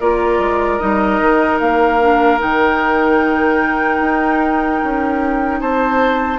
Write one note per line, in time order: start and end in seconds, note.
0.00 0.38 A#3
0.00 0.80 F4
0.00 5.60 A#4
0.00 0.78 D5
0.38 0.78 G#3
0.78 1.21 G3
0.78 2.00 D#4
0.78 1.58 D#5
1.21 1.61 D#3
1.60 2.41 A#3
1.60 2.40 F5
2.02 2.38 D4
2.38 4.01 D#3
2.38 6.38 D#4
2.38 5.61 G5
4.01 4.81 D#4
4.84 5.61 C#4
5.60 6.39 C4
5.60 6.39 C5
5.60 6.39 A5